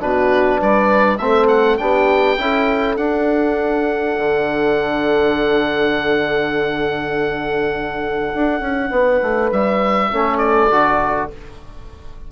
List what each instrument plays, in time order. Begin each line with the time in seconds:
0.00 bassoon B2, trombone D4, horn F#4, oboe B4
0.59 bassoon G3, horn B4, oboe D5
1.17 bassoon A3, trombone C4, horn A4, oboe E5
1.48 oboe F#5
1.77 bassoon B3, trombone D4, horn G4, oboe G5
2.38 bassoon C#4, trombone E4, horn A4
2.97 bassoon D4, trombone D4, oboe F#5
4.18 bassoon D3
8.34 bassoon D4
8.60 bassoon C#4
8.90 bassoon B3, horn B4
9.22 bassoon A3
9.52 bassoon G3, oboe E5
10.11 bassoon A3, trombone C#4, horn A4
10.37 oboe D5
10.70 bassoon D3, trombone F#4